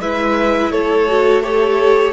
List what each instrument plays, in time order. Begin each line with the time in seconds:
0.00 cello G#3, viola E4, violin B4 E5
0.71 cello A3, violin A4 C#5
1.08 viola F#4
1.43 viola G4, violin A4 C#5